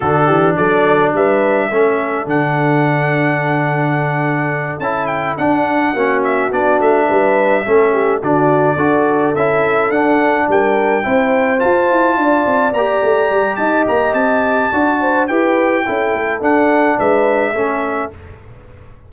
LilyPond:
<<
  \new Staff \with { instrumentName = "trumpet" } { \time 4/4 \tempo 4 = 106 a'4 d''4 e''2 | fis''1~ | fis''8 a''8 g''8 fis''4. e''8 d''8 | e''2~ e''8 d''4.~ |
d''8 e''4 fis''4 g''4.~ | g''8 a''2 ais''4. | a''8 ais''8 a''2 g''4~ | g''4 fis''4 e''2 | }
  \new Staff \with { instrumentName = "horn" } { \time 4/4 fis'8 g'8 a'4 b'4 a'4~ | a'1~ | a'2~ a'8 fis'4.~ | fis'8 b'4 a'8 g'8 fis'4 a'8~ |
a'2~ a'8 ais'4 c''8~ | c''4. d''2~ d''8 | dis''2 d''8 c''8 b'4 | a'2 b'4 a'4 | }
  \new Staff \with { instrumentName = "trombone" } { \time 4/4 d'2. cis'4 | d'1~ | d'8 e'4 d'4 cis'4 d'8~ | d'4. cis'4 d'4 fis'8~ |
fis'8 e'4 d'2 e'8~ | e'8 f'2 g'4.~ | g'2 fis'4 g'4 | e'4 d'2 cis'4 | }
  \new Staff \with { instrumentName = "tuba" } { \time 4/4 d8 e8 fis4 g4 a4 | d1~ | d8 cis'4 d'4 ais4 b8 | a8 g4 a4 d4 d'8~ |
d'8 cis'4 d'4 g4 c'8~ | c'8 f'8 e'8 d'8 c'8 ais8 a8 g8 | dis'8 ais8 c'4 d'4 e'4 | cis'8 a8 d'4 gis4 a4 | }
>>